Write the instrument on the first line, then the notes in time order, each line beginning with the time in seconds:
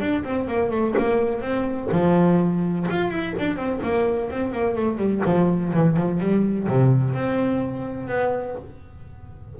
double bass
0.00 D4
0.24 C4
0.47 A#3
0.71 A3
0.98 A#3
1.41 C4
1.92 F3
2.90 F4
3.10 E4
3.39 D4
3.56 C4
3.83 A#3
4.30 C4
4.52 A#3
4.76 A3
4.97 G3
5.25 F3
5.73 E3
5.96 F3
6.20 G3
6.68 C3
7.14 C4
8.08 B3